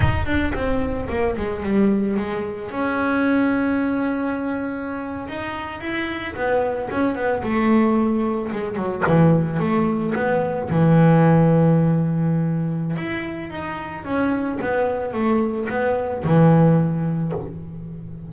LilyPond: \new Staff \with { instrumentName = "double bass" } { \time 4/4 \tempo 4 = 111 dis'8 d'8 c'4 ais8 gis8 g4 | gis4 cis'2.~ | cis'4.~ cis'16 dis'4 e'4 b16~ | b8. cis'8 b8 a2 gis16~ |
gis16 fis8 e4 a4 b4 e16~ | e1 | e'4 dis'4 cis'4 b4 | a4 b4 e2 | }